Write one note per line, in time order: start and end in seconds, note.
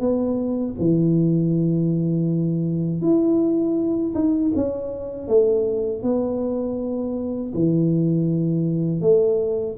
0.00 0.75 B3
0.79 3.01 E3
3.01 4.14 E4
4.14 4.52 D#4
4.55 5.27 C#4
5.27 6.02 A3
6.02 7.52 B3
7.54 9.01 E3
9.01 9.76 A3